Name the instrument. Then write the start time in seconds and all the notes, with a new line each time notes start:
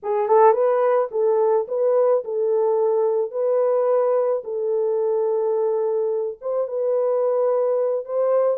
horn
0.03 G#4
0.28 A4
0.52 B4
1.11 A4
1.68 B4
2.24 A4
3.31 B4
4.43 A4
6.41 C5
6.67 B4
8.05 C5